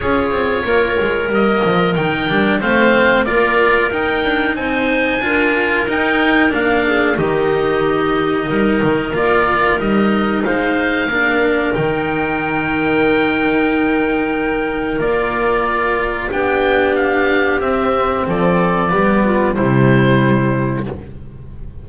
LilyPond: <<
  \new Staff \with { instrumentName = "oboe" } { \time 4/4 \tempo 4 = 92 cis''2 dis''4 g''4 | f''4 d''4 g''4 gis''4~ | gis''4 g''4 f''4 dis''4~ | dis''2 d''4 dis''4 |
f''2 g''2~ | g''2. d''4~ | d''4 g''4 f''4 e''4 | d''2 c''2 | }
  \new Staff \with { instrumentName = "clarinet" } { \time 4/4 gis'4 ais'2. | c''4 ais'2 c''4 | ais'2~ ais'8 gis'8 g'4~ | g'4 ais'2. |
c''4 ais'2.~ | ais'1~ | ais'4 g'2. | a'4 g'8 f'8 e'2 | }
  \new Staff \with { instrumentName = "cello" } { \time 4/4 f'2 ais4 dis'8 d'8 | c'4 f'4 dis'2 | f'4 dis'4 d'4 dis'4~ | dis'2 f'4 dis'4~ |
dis'4 d'4 dis'2~ | dis'2. f'4~ | f'4 d'2 c'4~ | c'4 b4 g2 | }
  \new Staff \with { instrumentName = "double bass" } { \time 4/4 cis'8 c'8 ais8 gis8 g8 f8 dis8 g8 | a4 ais4 dis'8 d'8 c'4 | d'4 dis'4 ais4 dis4~ | dis4 g8 dis8 ais4 g4 |
gis4 ais4 dis2~ | dis2. ais4~ | ais4 b2 c'4 | f4 g4 c2 | }
>>